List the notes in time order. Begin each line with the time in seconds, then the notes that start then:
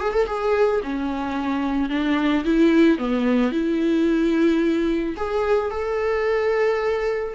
0.00 G#4
0.13 A4
0.26 G#4
0.83 C#4
1.89 D4
2.44 E4
2.98 B3
3.52 E4
5.16 G#4
5.71 A4